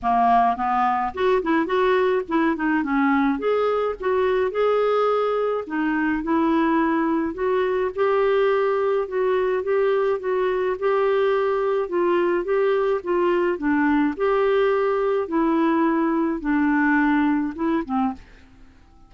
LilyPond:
\new Staff \with { instrumentName = "clarinet" } { \time 4/4 \tempo 4 = 106 ais4 b4 fis'8 e'8 fis'4 | e'8 dis'8 cis'4 gis'4 fis'4 | gis'2 dis'4 e'4~ | e'4 fis'4 g'2 |
fis'4 g'4 fis'4 g'4~ | g'4 f'4 g'4 f'4 | d'4 g'2 e'4~ | e'4 d'2 e'8 c'8 | }